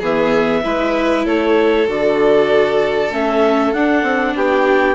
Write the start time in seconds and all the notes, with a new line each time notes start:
0.00 E3 B3 G#4 E5
0.64 G#3 E4 B4
1.26 A3 A4 C#5
1.87 D3 F#4 D5
3.11 A3 C#4 E5
3.73 D4 F#5
4.03 C4
4.36 B3 G4 G5